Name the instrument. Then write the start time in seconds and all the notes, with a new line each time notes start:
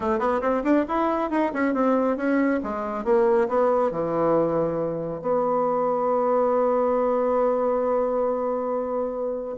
bassoon
0.00 A3
0.19 B3
0.41 C4
0.63 D4
0.88 E4
1.30 D#4
1.53 C#4
1.74 C4
2.16 C#4
2.63 G#3
3.04 A#3
3.48 B3
3.91 E3
5.21 B3